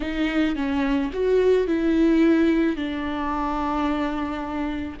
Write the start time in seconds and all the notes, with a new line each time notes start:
0.00 D#4
0.55 C#4
1.13 F#4
1.67 E4
2.76 D4